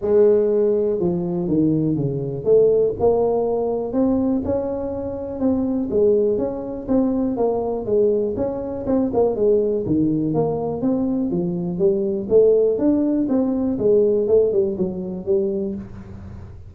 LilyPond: \new Staff \with { instrumentName = "tuba" } { \time 4/4 \tempo 4 = 122 gis2 f4 dis4 | cis4 a4 ais2 | c'4 cis'2 c'4 | gis4 cis'4 c'4 ais4 |
gis4 cis'4 c'8 ais8 gis4 | dis4 ais4 c'4 f4 | g4 a4 d'4 c'4 | gis4 a8 g8 fis4 g4 | }